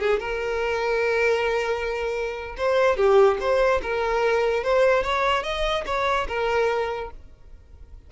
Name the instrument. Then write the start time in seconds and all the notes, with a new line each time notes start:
violin
0.00 G#4
0.20 A#4
2.57 C5
2.97 G4
3.40 C5
3.83 A#4
4.63 C5
5.03 C#5
5.43 D#5
5.86 C#5
6.28 A#4